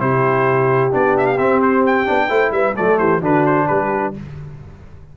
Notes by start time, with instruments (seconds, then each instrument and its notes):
0.00 tuba C3, trombone E4, horn G4, trumpet C5
0.91 tuba B3, trombone D4, trumpet D5
1.18 trumpet E5
1.27 trumpet F5
1.38 tuba C4, trombone C4, trumpet E5
1.62 trumpet C5
1.87 trumpet G5
2.06 tuba B3, trombone D4
2.29 tuba A3, trombone E4, horn C5
2.52 tuba G3, horn B4, trumpet E5
2.76 tuba F#3, trombone A3, horn A4, trumpet D5
2.99 tuba E3, horn G4, trumpet C5
3.21 tuba D3, trombone D4, horn F#4, trumpet B4
3.46 trumpet C5
3.68 tuba G3, horn G4, trumpet B4